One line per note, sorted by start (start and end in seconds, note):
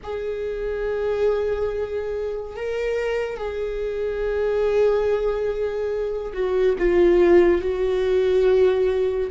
0.03 2.55 G#4
2.55 3.36 A#4
3.36 6.32 G#4
6.33 6.75 F#4
6.78 7.61 F4
7.61 9.30 F#4